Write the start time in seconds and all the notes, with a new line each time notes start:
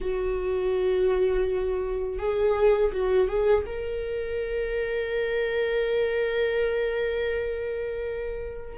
0.00 F#4
2.18 G#4
2.92 F#4
3.28 G#4
3.66 A#4